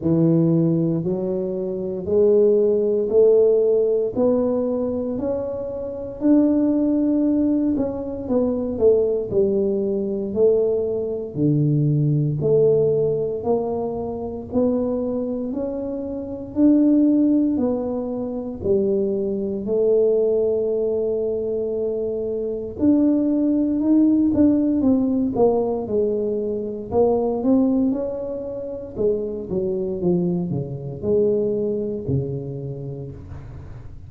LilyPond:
\new Staff \with { instrumentName = "tuba" } { \time 4/4 \tempo 4 = 58 e4 fis4 gis4 a4 | b4 cis'4 d'4. cis'8 | b8 a8 g4 a4 d4 | a4 ais4 b4 cis'4 |
d'4 b4 g4 a4~ | a2 d'4 dis'8 d'8 | c'8 ais8 gis4 ais8 c'8 cis'4 | gis8 fis8 f8 cis8 gis4 cis4 | }